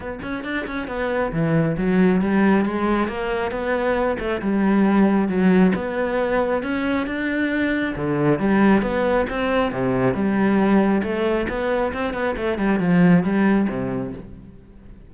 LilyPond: \new Staff \with { instrumentName = "cello" } { \time 4/4 \tempo 4 = 136 b8 cis'8 d'8 cis'8 b4 e4 | fis4 g4 gis4 ais4 | b4. a8 g2 | fis4 b2 cis'4 |
d'2 d4 g4 | b4 c'4 c4 g4~ | g4 a4 b4 c'8 b8 | a8 g8 f4 g4 c4 | }